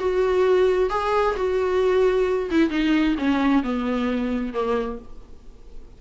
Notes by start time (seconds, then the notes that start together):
0.00 F#4
0.90 G#4
1.37 F#4
2.51 E4
2.70 D#4
3.19 C#4
3.63 B3
4.54 A#3